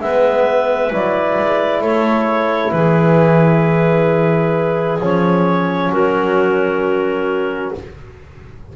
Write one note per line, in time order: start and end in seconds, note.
0.00 0.91 G#3
0.00 0.91 B3
0.00 1.81 B4
0.00 0.92 E5
0.91 1.38 F#3
0.91 5.01 E4
0.91 1.83 D5
1.39 1.81 G#3
1.81 2.72 A3
1.81 2.72 A4
1.81 2.71 C#5
2.71 5.00 E3
2.71 5.91 G#4
2.71 4.98 B4
5.00 5.90 F3
5.00 7.76 C#4
5.00 5.93 C#5
5.90 7.72 F#3
5.90 7.73 F#4
5.90 7.75 A#4